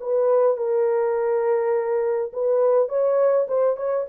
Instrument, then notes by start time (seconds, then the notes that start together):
horn
0.00 B4
0.57 A#4
2.33 B4
2.88 C#5
3.48 C5
3.77 C#5